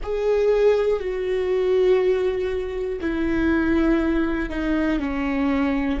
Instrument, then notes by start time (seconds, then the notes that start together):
viola
0.03 G#4
0.99 F#4
3.00 E4
4.49 D#4
5.00 C#4